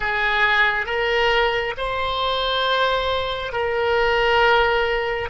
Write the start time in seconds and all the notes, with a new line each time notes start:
0.00 G#4
0.85 A#4
1.77 C5
3.52 A#4